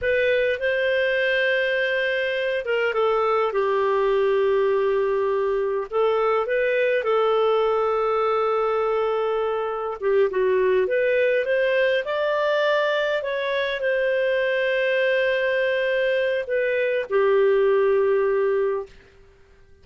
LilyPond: \new Staff \with { instrumentName = "clarinet" } { \time 4/4 \tempo 4 = 102 b'4 c''2.~ | c''8 ais'8 a'4 g'2~ | g'2 a'4 b'4 | a'1~ |
a'4 g'8 fis'4 b'4 c''8~ | c''8 d''2 cis''4 c''8~ | c''1 | b'4 g'2. | }